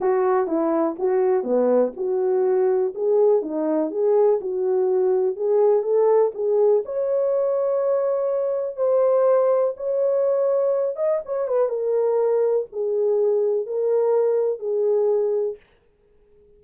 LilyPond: \new Staff \with { instrumentName = "horn" } { \time 4/4 \tempo 4 = 123 fis'4 e'4 fis'4 b4 | fis'2 gis'4 dis'4 | gis'4 fis'2 gis'4 | a'4 gis'4 cis''2~ |
cis''2 c''2 | cis''2~ cis''8 dis''8 cis''8 b'8 | ais'2 gis'2 | ais'2 gis'2 | }